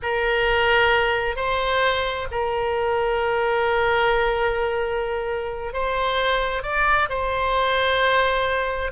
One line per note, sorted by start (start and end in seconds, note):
0.02 1.35 A#4
1.35 2.27 C5
2.31 5.73 A#4
5.73 6.63 C5
6.63 7.08 D5
7.09 8.91 C5